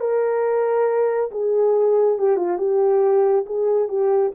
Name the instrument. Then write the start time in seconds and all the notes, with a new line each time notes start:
horn
0.00 A#4
1.31 G#4
2.19 G4
2.36 F4
2.58 G4
3.46 G#4
3.89 G4